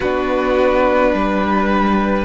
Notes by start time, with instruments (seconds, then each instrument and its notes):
0.00 cello B3, viola D4, violin F#4 B4
1.13 cello G3, violin B4